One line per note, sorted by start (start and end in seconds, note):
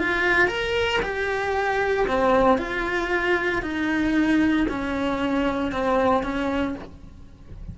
0.00 0.48 F4
0.48 1.00 A#4
1.03 2.07 G4
2.08 2.58 C4
2.58 3.63 F4
3.63 4.67 D#4
4.69 5.72 C#4
5.72 6.23 C4
6.23 6.75 C#4